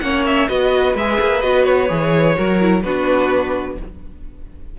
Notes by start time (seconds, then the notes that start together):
0.00 A#3 C#4 C#5 F#5
0.26 E5
0.49 B3 F#4 B4 D#5
0.95 G#3 G#4 E5
1.21 A#3
1.42 B3 F#4 D#5
1.64 C#5
1.89 E3 G#4
2.36 F#3 F#4 A#4
2.60 E4
2.83 B3 D4 F#4 B4